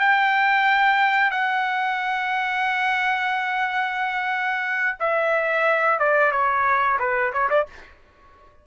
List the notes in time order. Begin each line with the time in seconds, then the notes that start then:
0.00 G5
1.31 F#5
5.00 E5
5.99 D5
6.32 C#5
6.99 B4
7.33 C#5
7.50 D5